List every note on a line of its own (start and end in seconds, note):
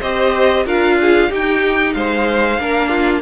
0.00 0.66 C4
0.00 0.66 G4
0.00 0.65 C5
0.00 0.66 D#5
0.65 1.31 D4
0.65 1.30 F4
0.65 0.98 A#4
0.65 1.33 F5
1.01 1.30 G#4
1.30 2.59 D#4
1.30 1.95 D#4
1.30 1.94 G4
1.30 1.93 G5
1.93 2.59 G#3
1.93 2.61 C5
1.93 3.22 F5
2.59 3.22 A#3
2.59 3.22 D4
2.59 2.89 A#4
2.89 3.21 F4